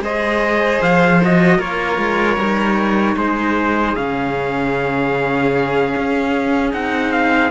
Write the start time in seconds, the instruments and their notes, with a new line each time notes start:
0.00 cello G#3 G#4, violin C5, trumpet D#5
0.81 cello F3, trumpet F5
1.23 cello F#4, trumpet D#5
1.58 cello A#3 F4, violin A#4, trumpet C#5
1.98 cello G#3
2.37 cello G3 D#4
3.17 cello G#3, violin G#4, trumpet C5
3.96 cello C#3 C#4, trumpet F5
5.96 cello C#4
6.71 cello C4 D#4, trumpet F#5
7.12 trumpet F5